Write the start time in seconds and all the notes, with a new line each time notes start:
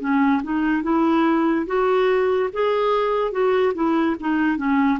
0.00 C#4
0.43 D#4
0.83 E4
1.66 F#4
2.53 G#4
3.31 F#4
3.74 E4
4.20 D#4
4.57 C#4